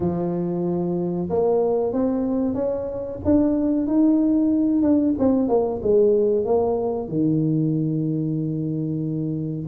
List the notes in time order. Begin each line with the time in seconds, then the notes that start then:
0.00 F3
1.29 A#3
1.92 C4
2.54 C#4
3.24 D4
3.87 D#4
4.82 D4
5.18 C4
5.48 A#3
5.82 G#3
6.45 A#3
7.08 D#3